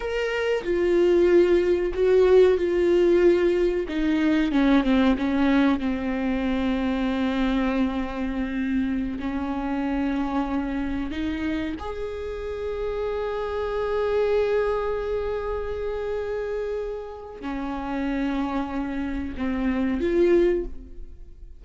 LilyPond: \new Staff \with { instrumentName = "viola" } { \time 4/4 \tempo 4 = 93 ais'4 f'2 fis'4 | f'2 dis'4 cis'8 c'8 | cis'4 c'2.~ | c'2~ c'16 cis'4.~ cis'16~ |
cis'4~ cis'16 dis'4 gis'4.~ gis'16~ | gis'1~ | gis'2. cis'4~ | cis'2 c'4 f'4 | }